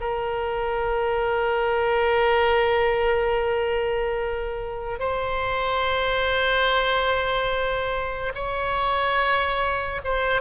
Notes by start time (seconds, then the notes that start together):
0.00 A#4
4.99 C5
8.34 C#5
10.04 C5